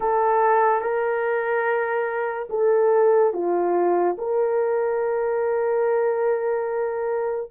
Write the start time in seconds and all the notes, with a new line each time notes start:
0.00 A4
0.81 A#4
2.49 A4
3.33 F4
4.17 A#4